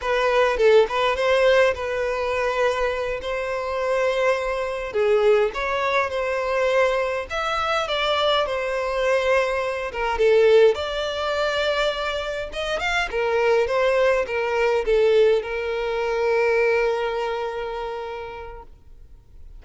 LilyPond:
\new Staff \with { instrumentName = "violin" } { \time 4/4 \tempo 4 = 103 b'4 a'8 b'8 c''4 b'4~ | b'4. c''2~ c''8~ | c''8 gis'4 cis''4 c''4.~ | c''8 e''4 d''4 c''4.~ |
c''4 ais'8 a'4 d''4.~ | d''4. dis''8 f''8 ais'4 c''8~ | c''8 ais'4 a'4 ais'4.~ | ais'1 | }